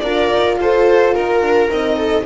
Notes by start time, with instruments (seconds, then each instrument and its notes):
0.00 double bass D4, horn F4, viola A#4, violin D5
0.33 double bass D#4
0.57 double bass F4, viola A4, violin C5
1.15 double bass D#4, violin A#4, viola A#4
1.41 double bass D4
1.70 double bass C4, horn D#4, violin D#5
1.97 viola A4